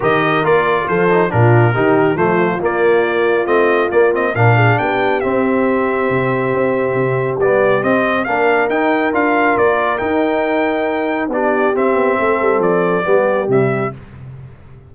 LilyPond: <<
  \new Staff \with { instrumentName = "trumpet" } { \time 4/4 \tempo 4 = 138 dis''4 d''4 c''4 ais'4~ | ais'4 c''4 d''2 | dis''4 d''8 dis''8 f''4 g''4 | e''1~ |
e''4 d''4 dis''4 f''4 | g''4 f''4 d''4 g''4~ | g''2 d''4 e''4~ | e''4 d''2 e''4 | }
  \new Staff \with { instrumentName = "horn" } { \time 4/4 ais'2 a'4 f'4 | g'4 f'2.~ | f'2 ais'8 gis'8 g'4~ | g'1~ |
g'2. ais'4~ | ais'1~ | ais'2 g'2 | a'2 g'2 | }
  \new Staff \with { instrumentName = "trombone" } { \time 4/4 g'4 f'4. dis'8 d'4 | dis'4 a4 ais2 | c'4 ais8 c'8 d'2 | c'1~ |
c'4 b4 c'4 d'4 | dis'4 f'2 dis'4~ | dis'2 d'4 c'4~ | c'2 b4 g4 | }
  \new Staff \with { instrumentName = "tuba" } { \time 4/4 dis4 ais4 f4 ais,4 | dis4 f4 ais2 | a4 ais4 ais,4 b4 | c'2 c4 c'4 |
c4 g4 c'4 ais4 | dis'4 d'4 ais4 dis'4~ | dis'2 b4 c'8 b8 | a8 g8 f4 g4 c4 | }
>>